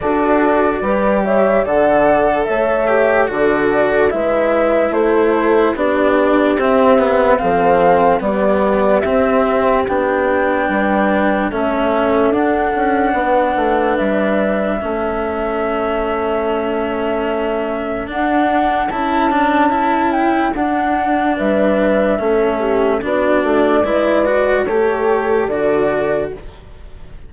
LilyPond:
<<
  \new Staff \with { instrumentName = "flute" } { \time 4/4 \tempo 4 = 73 d''4. e''8 fis''4 e''4 | d''4 e''4 c''4 d''4 | e''4 f''4 d''4 e''4 | g''2 e''4 fis''4~ |
fis''4 e''2.~ | e''2 fis''4 a''4~ | a''8 g''8 fis''4 e''2 | d''2 cis''4 d''4 | }
  \new Staff \with { instrumentName = "horn" } { \time 4/4 a'4 b'8 cis''8 d''4 cis''4 | a'4 b'4 a'4 g'4~ | g'4 a'4 g'2~ | g'4 b'4 a'2 |
b'2 a'2~ | a'1~ | a'2 b'4 a'8 g'8 | fis'4 b'4 a'2 | }
  \new Staff \with { instrumentName = "cello" } { \time 4/4 fis'4 g'4 a'4. g'8 | fis'4 e'2 d'4 | c'8 b8 c'4 b4 c'4 | d'2 cis'4 d'4~ |
d'2 cis'2~ | cis'2 d'4 e'8 d'8 | e'4 d'2 cis'4 | d'4 e'8 fis'8 g'4 fis'4 | }
  \new Staff \with { instrumentName = "bassoon" } { \time 4/4 d'4 g4 d4 a4 | d4 gis4 a4 b4 | c'4 f4 g4 c'4 | b4 g4 a4 d'8 cis'8 |
b8 a8 g4 a2~ | a2 d'4 cis'4~ | cis'4 d'4 g4 a4 | b8 a8 gis4 a4 d4 | }
>>